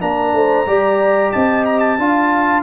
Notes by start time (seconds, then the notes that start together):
0.00 A#3 D4 A#4 A#5
0.33 A3 C5
0.66 G3 G4 D5
1.32 C4 D#5 A5
1.65 A#5
1.79 A5
1.98 D4 F4 F5